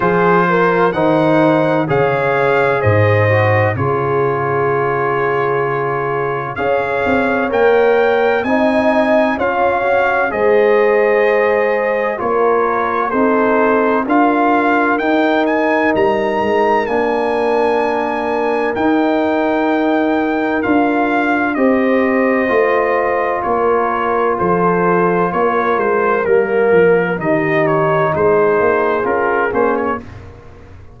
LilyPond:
<<
  \new Staff \with { instrumentName = "trumpet" } { \time 4/4 \tempo 4 = 64 c''4 fis''4 f''4 dis''4 | cis''2. f''4 | g''4 gis''4 f''4 dis''4~ | dis''4 cis''4 c''4 f''4 |
g''8 gis''8 ais''4 gis''2 | g''2 f''4 dis''4~ | dis''4 cis''4 c''4 cis''8 c''8 | ais'4 dis''8 cis''8 c''4 ais'8 c''16 cis''16 | }
  \new Staff \with { instrumentName = "horn" } { \time 4/4 gis'8 ais'8 c''4 cis''4 c''4 | gis'2. cis''4~ | cis''4 dis''4 cis''4 c''4~ | c''4 ais'4 a'4 ais'4~ |
ais'1~ | ais'2. c''4~ | c''4 ais'4 a'4 ais'4~ | ais'4 g'4 gis'2 | }
  \new Staff \with { instrumentName = "trombone" } { \time 4/4 f'4 dis'4 gis'4. fis'8 | f'2. gis'4 | ais'4 dis'4 f'8 fis'8 gis'4~ | gis'4 f'4 dis'4 f'4 |
dis'2 d'2 | dis'2 f'4 g'4 | f'1 | ais4 dis'2 f'8 cis'8 | }
  \new Staff \with { instrumentName = "tuba" } { \time 4/4 f4 dis4 cis4 gis,4 | cis2. cis'8 c'8 | ais4 c'4 cis'4 gis4~ | gis4 ais4 c'4 d'4 |
dis'4 g8 gis8 ais2 | dis'2 d'4 c'4 | a4 ais4 f4 ais8 gis8 | g8 f8 dis4 gis8 ais8 cis'8 ais8 | }
>>